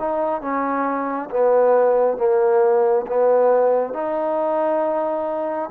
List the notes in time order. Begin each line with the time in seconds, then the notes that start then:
0.00 D#4
0.42 C#4
1.30 B3
2.18 A#3
3.07 B3
3.94 D#4